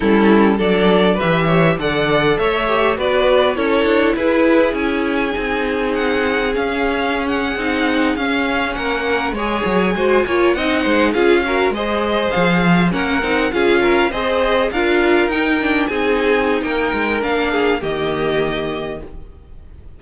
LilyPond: <<
  \new Staff \with { instrumentName = "violin" } { \time 4/4 \tempo 4 = 101 a'4 d''4 e''4 fis''4 | e''4 d''4 cis''4 b'4 | gis''2 fis''4 f''4~ | f''16 fis''4. f''4 fis''4 gis''16~ |
gis''4.~ gis''16 fis''4 f''4 dis''16~ | dis''8. f''4 fis''4 f''4 dis''16~ | dis''8. f''4 g''4 gis''4~ gis''16 | g''4 f''4 dis''2 | }
  \new Staff \with { instrumentName = "violin" } { \time 4/4 e'4 a'4 b'8 cis''8 d''4 | cis''4 b'4 a'4 gis'4~ | gis'1~ | gis'2~ gis'8. ais'4 cis''16~ |
cis''8. c''8 cis''8 dis''8 c''8 gis'8 ais'8 c''16~ | c''4.~ c''16 ais'4 gis'8 ais'8 c''16~ | c''8. ais'2 gis'4~ gis'16 | ais'4. gis'8 g'2 | }
  \new Staff \with { instrumentName = "viola" } { \time 4/4 cis'4 d'4 g'4 a'4~ | a'8 g'8 fis'4 e'2~ | e'4 dis'2 cis'4~ | cis'8. dis'4 cis'2 gis'16~ |
gis'8. fis'8 f'8 dis'4 f'8 fis'8 gis'16~ | gis'4.~ gis'16 cis'8 dis'8 f'4 gis'16~ | gis'8. f'4 dis'8 d'8 dis'4~ dis'16~ | dis'4 d'4 ais2 | }
  \new Staff \with { instrumentName = "cello" } { \time 4/4 g4 fis4 e4 d4 | a4 b4 cis'8 d'8 e'4 | cis'4 c'2 cis'4~ | cis'8. c'4 cis'4 ais4 gis16~ |
gis16 fis8 gis8 ais8 c'8 gis8 cis'4 gis16~ | gis8. f4 ais8 c'8 cis'4 c'16~ | c'8. d'4 dis'4 c'4~ c'16 | ais8 gis8 ais4 dis2 | }
>>